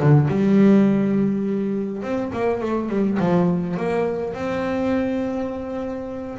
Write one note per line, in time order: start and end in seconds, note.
0.00 0.28 D3
0.28 2.02 G3
2.02 2.31 C4
2.32 2.61 A#3
2.61 2.89 A3
2.89 3.18 G3
3.19 3.77 F3
3.77 4.33 A#3
4.33 6.37 C4